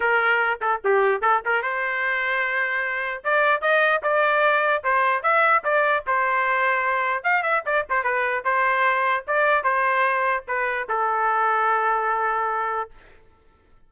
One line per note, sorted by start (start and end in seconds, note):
0.00 0.59 A#4
0.61 0.81 A4
0.84 1.21 G4
1.21 1.41 A4
1.45 1.62 A#4
1.62 3.23 C5
3.24 3.61 D5
3.61 4.01 D#5
4.02 4.83 D5
4.83 5.22 C5
5.22 5.63 E5
5.64 6.04 D5
6.06 7.23 C5
7.23 7.42 F5
7.42 7.63 E5
7.65 7.85 D5
7.89 8.03 C5
8.03 8.44 B4
8.44 9.24 C5
9.27 9.63 D5
9.63 10.44 C5
10.47 10.87 B4
10.89 12.90 A4